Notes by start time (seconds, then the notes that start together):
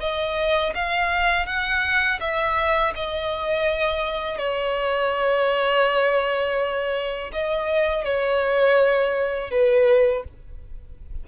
0.00 D#5
0.75 F5
1.46 F#5
2.20 E5
2.95 D#5
4.38 C#5
7.32 D#5
8.05 C#5
9.51 B4